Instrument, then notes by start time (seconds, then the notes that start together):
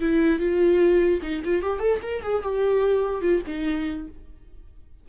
viola
0.00 E4
0.40 F4
1.23 D#4
1.45 F4
1.62 G4
1.80 A4
2.02 A#4
2.23 G#4
2.43 G4
3.22 F4
3.47 D#4